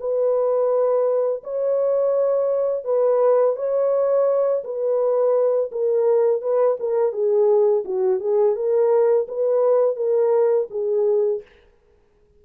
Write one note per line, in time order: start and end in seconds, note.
0.00 1.43 B4
1.44 2.85 C#5
2.85 3.56 B4
3.56 4.63 C#5
4.64 5.71 B4
5.72 6.42 A#4
6.42 6.78 B4
6.80 7.12 A#4
7.12 7.84 G#4
7.85 8.20 F#4
8.20 8.56 G#4
8.56 9.27 A#4
9.28 9.96 B4
9.96 10.68 A#4
10.70 11.42 G#4